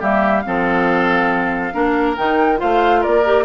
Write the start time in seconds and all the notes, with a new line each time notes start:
0.00 G3 A#3 G4 E5
0.41 F3 C4 F5
0.47 A4
1.73 A#3 D4 A#4
2.17 D#3 D#4 G5
2.57 A3 F4 C5 F5
3.01 A#3 A#4 D5
3.25 G4